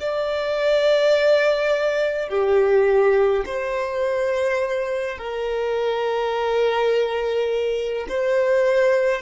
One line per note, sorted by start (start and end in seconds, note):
0.00 2.29 D5
2.29 3.45 G4
3.46 5.19 C5
5.19 8.07 A#4
8.09 9.22 C5